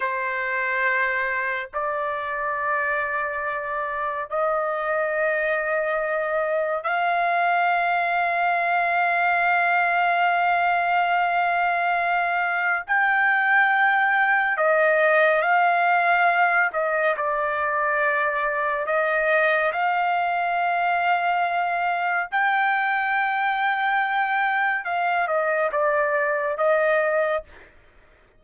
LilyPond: \new Staff \with { instrumentName = "trumpet" } { \time 4/4 \tempo 4 = 70 c''2 d''2~ | d''4 dis''2. | f''1~ | f''2. g''4~ |
g''4 dis''4 f''4. dis''8 | d''2 dis''4 f''4~ | f''2 g''2~ | g''4 f''8 dis''8 d''4 dis''4 | }